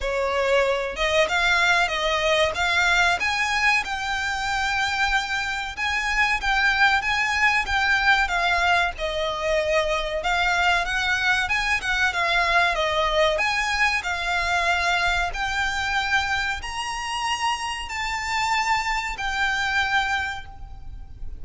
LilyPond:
\new Staff \with { instrumentName = "violin" } { \time 4/4 \tempo 4 = 94 cis''4. dis''8 f''4 dis''4 | f''4 gis''4 g''2~ | g''4 gis''4 g''4 gis''4 | g''4 f''4 dis''2 |
f''4 fis''4 gis''8 fis''8 f''4 | dis''4 gis''4 f''2 | g''2 ais''2 | a''2 g''2 | }